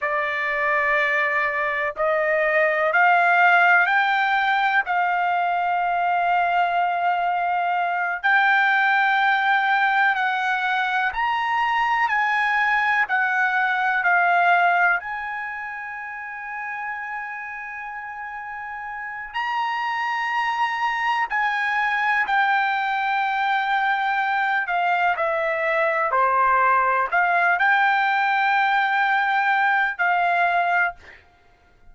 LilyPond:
\new Staff \with { instrumentName = "trumpet" } { \time 4/4 \tempo 4 = 62 d''2 dis''4 f''4 | g''4 f''2.~ | f''8 g''2 fis''4 ais''8~ | ais''8 gis''4 fis''4 f''4 gis''8~ |
gis''1 | ais''2 gis''4 g''4~ | g''4. f''8 e''4 c''4 | f''8 g''2~ g''8 f''4 | }